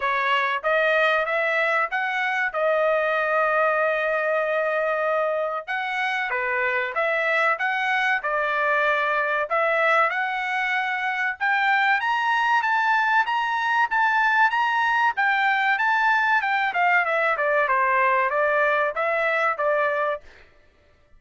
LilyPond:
\new Staff \with { instrumentName = "trumpet" } { \time 4/4 \tempo 4 = 95 cis''4 dis''4 e''4 fis''4 | dis''1~ | dis''4 fis''4 b'4 e''4 | fis''4 d''2 e''4 |
fis''2 g''4 ais''4 | a''4 ais''4 a''4 ais''4 | g''4 a''4 g''8 f''8 e''8 d''8 | c''4 d''4 e''4 d''4 | }